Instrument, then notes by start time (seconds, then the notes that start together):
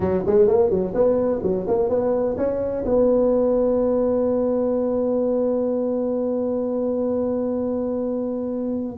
tuba
0.00 F#3
0.26 G#3
0.47 A#3
0.70 F#3
0.94 B3
1.42 F#3
1.67 A#3
1.89 B3
2.37 C#4
2.85 B3